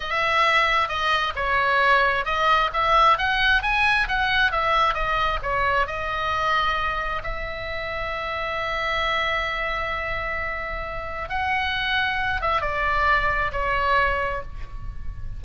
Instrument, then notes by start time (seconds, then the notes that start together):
oboe
0.00 E5
0.88 D#5
1.35 C#5
2.25 D#5
2.73 E5
3.18 F#5
3.62 G#5
4.07 F#5
4.51 E5
4.94 D#5
5.42 C#5
5.86 D#5
7.23 E5
11.29 F#5
12.41 E5
12.61 D5
13.52 C#5